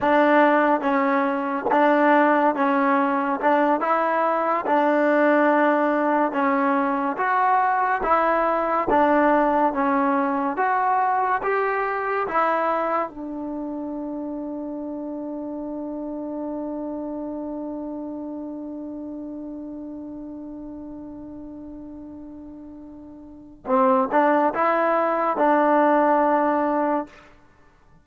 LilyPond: \new Staff \with { instrumentName = "trombone" } { \time 4/4 \tempo 4 = 71 d'4 cis'4 d'4 cis'4 | d'8 e'4 d'2 cis'8~ | cis'8 fis'4 e'4 d'4 cis'8~ | cis'8 fis'4 g'4 e'4 d'8~ |
d'1~ | d'1~ | d'1 | c'8 d'8 e'4 d'2 | }